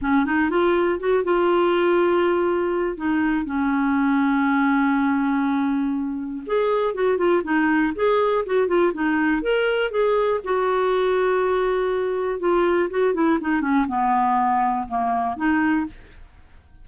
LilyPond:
\new Staff \with { instrumentName = "clarinet" } { \time 4/4 \tempo 4 = 121 cis'8 dis'8 f'4 fis'8 f'4.~ | f'2 dis'4 cis'4~ | cis'1~ | cis'4 gis'4 fis'8 f'8 dis'4 |
gis'4 fis'8 f'8 dis'4 ais'4 | gis'4 fis'2.~ | fis'4 f'4 fis'8 e'8 dis'8 cis'8 | b2 ais4 dis'4 | }